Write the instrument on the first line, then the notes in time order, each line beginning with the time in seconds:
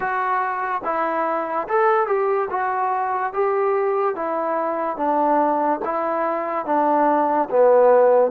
trombone
0.00 F#4
0.84 E4
1.68 A4
2.06 G4
2.50 F#4
3.33 G4
4.15 E4
4.96 D4
5.84 E4
6.65 D4
7.50 B3